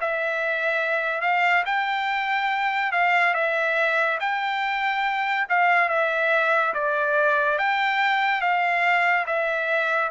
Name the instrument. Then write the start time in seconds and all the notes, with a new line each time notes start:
trumpet
0.00 E5
1.21 F5
1.66 G5
2.92 F5
3.34 E5
4.20 G5
5.49 F5
5.89 E5
6.74 D5
7.58 G5
8.41 F5
9.26 E5